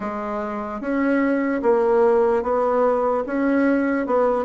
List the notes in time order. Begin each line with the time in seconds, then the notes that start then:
0.00 G#3
0.80 C#4
1.62 A#3
2.43 B3
3.26 C#4
4.06 B3